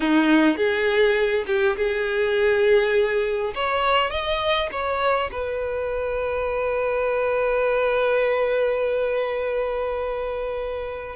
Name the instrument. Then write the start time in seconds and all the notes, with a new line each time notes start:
violin
0.00 D#4
0.56 G#4
1.47 G4
1.76 G#4
3.54 C#5
4.10 D#5
4.71 C#5
5.31 B4